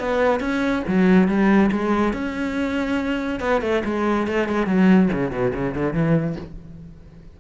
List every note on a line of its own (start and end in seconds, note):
0.00 0.40 B3
0.40 0.83 C#4
0.88 1.28 F#3
1.28 1.71 G3
1.72 2.13 G#3
2.13 3.40 C#4
3.40 3.62 B3
3.62 3.83 A3
3.85 4.27 G#3
4.27 4.49 A3
4.49 4.67 G#3
4.67 5.09 F#3
5.13 5.32 C#3
5.32 5.53 B2
5.54 5.75 C#3
5.75 5.94 D3
5.94 6.36 E3